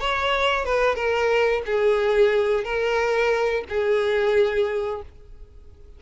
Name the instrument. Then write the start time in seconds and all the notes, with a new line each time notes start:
violin
0.00 C#5
0.65 B4
0.95 A#4
1.65 G#4
2.64 A#4
3.68 G#4